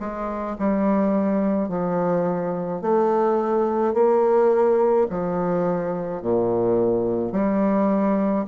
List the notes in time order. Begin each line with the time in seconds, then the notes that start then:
0.00 G#3
0.59 G3
1.69 F3
2.81 A3
3.94 A#3
5.09 F3
6.22 A#2
7.32 G3